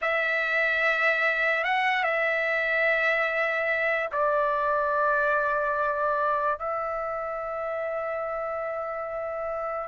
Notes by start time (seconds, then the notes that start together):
0.01 E5
1.64 F#5
2.03 E5
4.12 D5
6.59 E5